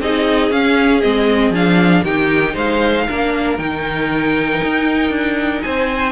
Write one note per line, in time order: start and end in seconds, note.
0.00 0.51 C4
0.00 0.51 D#4
0.00 2.04 G#4
0.00 0.52 D#5
0.51 1.02 C#4
0.51 1.03 C#4
0.51 1.01 F5
1.01 1.51 G#3
1.01 1.54 C4
1.01 1.52 D#5
1.51 2.02 F3
1.51 2.05 D4
1.51 2.05 F5
2.04 2.55 D#3
2.04 3.08 D#4
2.04 2.54 G4
2.04 2.56 G5
2.54 3.07 G#3
2.54 3.05 C5
2.54 3.58 F5
3.08 3.59 A#3
3.08 3.58 D4
3.08 5.64 A#4
3.58 4.61 D#3
3.58 6.12 D#4
3.58 5.62 G5
4.63 5.10 D#4
5.10 5.61 D4
5.62 6.12 C4
5.62 6.12 C5
5.62 6.12 G#5